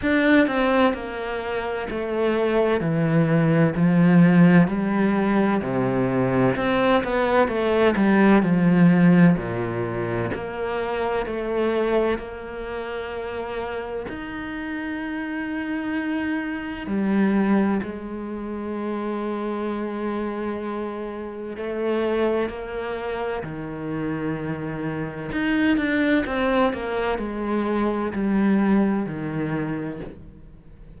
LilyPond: \new Staff \with { instrumentName = "cello" } { \time 4/4 \tempo 4 = 64 d'8 c'8 ais4 a4 e4 | f4 g4 c4 c'8 b8 | a8 g8 f4 ais,4 ais4 | a4 ais2 dis'4~ |
dis'2 g4 gis4~ | gis2. a4 | ais4 dis2 dis'8 d'8 | c'8 ais8 gis4 g4 dis4 | }